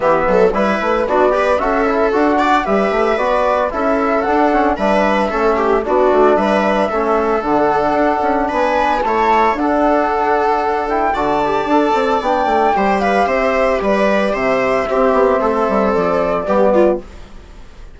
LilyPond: <<
  \new Staff \with { instrumentName = "flute" } { \time 4/4 \tempo 4 = 113 e''4 b'4 d''4 e''4 | fis''4 e''4 d''4 e''4 | fis''4 e''2 d''4 | e''2 fis''2 |
gis''4 a''4 fis''2~ | fis''8 g''8 a''2 g''4~ | g''8 f''8 e''4 d''4 e''4~ | e''2 d''2 | }
  \new Staff \with { instrumentName = "viola" } { \time 4/4 g'8 a'8 b'4 fis'8 b'8 a'4~ | a'8 d''8 b'2 a'4~ | a'4 b'4 a'8 g'8 fis'4 | b'4 a'2. |
b'4 cis''4 a'2~ | a'4 d''2. | c''8 b'8 c''4 b'4 c''4 | g'4 a'2 g'8 f'8 | }
  \new Staff \with { instrumentName = "trombone" } { \time 4/4 b4 e'4 d'8 g'8 fis'8 e'8 | fis'4 g'4 fis'4 e'4 | d'8 cis'8 d'4 cis'4 d'4~ | d'4 cis'4 d'2~ |
d'4 e'4 d'2~ | d'8 e'8 fis'8 g'8 a'4 d'4 | g'1 | c'2. b4 | }
  \new Staff \with { instrumentName = "bassoon" } { \time 4/4 e8 fis8 g8 a8 b4 cis'4 | d'4 g8 a8 b4 cis'4 | d'4 g4 a4 b8 a8 | g4 a4 d4 d'8 cis'8 |
b4 a4 d'2~ | d'4 d4 d'8 c'8 b8 a8 | g4 c'4 g4 c4 | c'8 b8 a8 g8 f4 g4 | }
>>